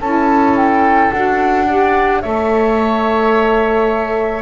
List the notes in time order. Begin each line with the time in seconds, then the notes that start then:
0.00 C#4 E4 A4 A5
0.56 G5
1.12 D4 F#4 F#5
1.67 G4 D5
2.21 A3 A4 C#5 E5